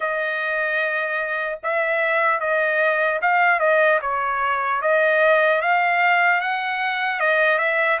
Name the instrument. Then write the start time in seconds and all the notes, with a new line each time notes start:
trumpet
0.00 D#5
1.63 E5
2.40 D#5
3.21 F5
3.59 D#5
4.01 C#5
4.81 D#5
5.61 F5
6.40 F#5
7.20 D#5
7.58 E5